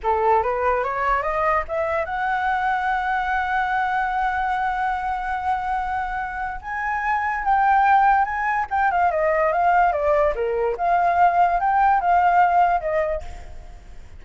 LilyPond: \new Staff \with { instrumentName = "flute" } { \time 4/4 \tempo 4 = 145 a'4 b'4 cis''4 dis''4 | e''4 fis''2.~ | fis''1~ | fis''1 |
gis''2 g''2 | gis''4 g''8 f''8 dis''4 f''4 | d''4 ais'4 f''2 | g''4 f''2 dis''4 | }